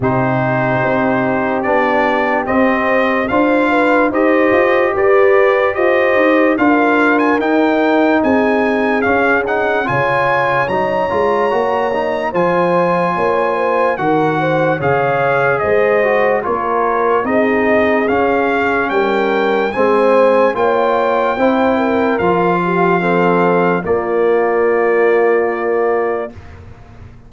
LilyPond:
<<
  \new Staff \with { instrumentName = "trumpet" } { \time 4/4 \tempo 4 = 73 c''2 d''4 dis''4 | f''4 dis''4 d''4 dis''4 | f''8. gis''16 g''4 gis''4 f''8 fis''8 | gis''4 ais''2 gis''4~ |
gis''4 fis''4 f''4 dis''4 | cis''4 dis''4 f''4 g''4 | gis''4 g''2 f''4~ | f''4 d''2. | }
  \new Staff \with { instrumentName = "horn" } { \time 4/4 g'1 | c''8 b'8 c''4 b'4 c''4 | ais'2 gis'2 | cis''2. c''4 |
cis''8 c''8 ais'8 c''8 cis''4 c''4 | ais'4 gis'2 ais'4 | c''4 cis''4 c''8 ais'4 g'8 | a'4 f'2. | }
  \new Staff \with { instrumentName = "trombone" } { \time 4/4 dis'2 d'4 c'4 | f'4 g'2. | f'4 dis'2 cis'8 dis'8 | f'4 dis'8 f'8 fis'8 dis'8 f'4~ |
f'4 fis'4 gis'4. fis'8 | f'4 dis'4 cis'2 | c'4 f'4 e'4 f'4 | c'4 ais2. | }
  \new Staff \with { instrumentName = "tuba" } { \time 4/4 c4 c'4 b4 c'4 | d'4 dis'8 f'8 g'4 f'8 dis'8 | d'4 dis'4 c'4 cis'4 | cis4 fis8 gis8 ais4 f4 |
ais4 dis4 cis4 gis4 | ais4 c'4 cis'4 g4 | gis4 ais4 c'4 f4~ | f4 ais2. | }
>>